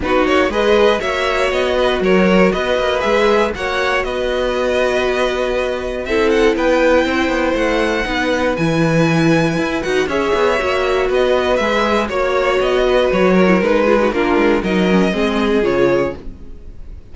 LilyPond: <<
  \new Staff \with { instrumentName = "violin" } { \time 4/4 \tempo 4 = 119 b'8 cis''8 dis''4 e''4 dis''4 | cis''4 dis''4 e''4 fis''4 | dis''1 | e''8 fis''8 g''2 fis''4~ |
fis''4 gis''2~ gis''8 fis''8 | e''2 dis''4 e''4 | cis''4 dis''4 cis''4 b'4 | ais'4 dis''2 cis''4 | }
  \new Staff \with { instrumentName = "violin" } { \time 4/4 fis'4 b'4 cis''4. b'8 | ais'4 b'2 cis''4 | b'1 | a'4 b'4 c''2 |
b'1 | cis''2 b'2 | cis''4. b'4 ais'4 gis'16 fis'16 | f'4 ais'4 gis'2 | }
  \new Staff \with { instrumentName = "viola" } { \time 4/4 dis'4 gis'4 fis'2~ | fis'2 gis'4 fis'4~ | fis'1 | e'1 |
dis'4 e'2~ e'8 fis'8 | gis'4 fis'2 gis'4 | fis'2~ fis'8. e'16 dis'8 f'16 dis'16 | d'4 dis'8 cis'8 c'4 f'4 | }
  \new Staff \with { instrumentName = "cello" } { \time 4/4 b8 ais8 gis4 ais4 b4 | fis4 b8 ais8 gis4 ais4 | b1 | c'4 b4 c'8 b8 a4 |
b4 e2 e'8 dis'8 | cis'8 b8 ais4 b4 gis4 | ais4 b4 fis4 gis4 | ais8 gis8 fis4 gis4 cis4 | }
>>